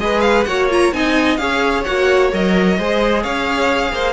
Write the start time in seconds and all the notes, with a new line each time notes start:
0.00 G#3 G#4 B4 D#5
0.21 F5
0.45 A#3 F#4 C#5 F#5
0.70 F4 A#5
0.93 C4 D#4 D#5 G#5
1.37 C#4 G#4 C#5 F5
1.84 A#3 F#4 F#5
2.33 F#3 A#4 D#5
2.79 G#3 G#4 C5
3.23 C#4 C#5 F5
3.93 A#3 C5